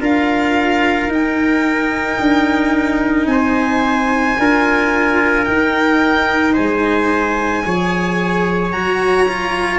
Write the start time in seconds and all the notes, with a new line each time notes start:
0.00 D4 F4 A#4 F5
1.07 D#4 G5
2.19 D4
3.26 C4 C5 G#5
4.38 D4 F4 A#4
5.45 D#4 G5
6.53 G#3 C5 G#5
7.64 F3 G#4 C#5
8.72 F#3 F#4 A#5
9.28 F4